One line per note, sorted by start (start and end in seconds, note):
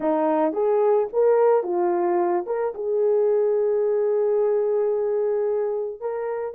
0.00 0.53 D#4
0.53 1.07 G#4
1.12 1.63 A#4
1.63 2.45 F4
2.46 2.73 A#4
2.74 6.00 G#4
6.00 6.54 A#4